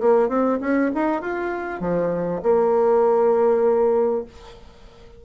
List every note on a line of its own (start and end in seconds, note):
0.00 0.28 A#3
0.28 0.58 C4
0.60 0.91 C#4
0.94 1.21 D#4
1.21 1.80 F4
1.80 2.41 F3
2.42 4.24 A#3